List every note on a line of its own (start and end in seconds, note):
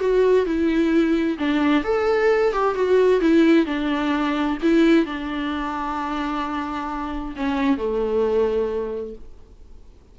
0.00 0.46 F#4
0.46 1.37 E4
1.39 1.84 D4
1.84 2.53 A4
2.53 2.75 G4
2.75 3.21 F#4
3.21 3.66 E4
3.66 4.58 D4
4.62 5.06 E4
5.06 7.35 D4
7.36 7.77 C#4
7.77 9.15 A3